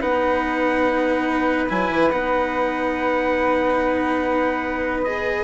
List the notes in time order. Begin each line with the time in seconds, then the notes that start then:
0.00 B3 D#4 B4 F#5
1.68 F#3 E4 G#5
1.90 E3
2.10 B3 D#4 F#5
5.03 G#4 D#5